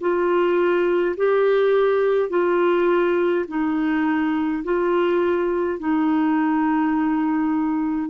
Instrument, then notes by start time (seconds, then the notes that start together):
clarinet
0.00 F4
1.16 G4
2.29 F4
3.48 D#4
4.64 F4
5.79 D#4